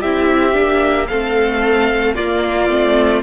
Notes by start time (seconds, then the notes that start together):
0.00 C4 E4 G4 E5
0.52 A#3 D4
1.07 A3 C4 A4 F5
2.14 A#3 F4 D5
2.69 A3 C4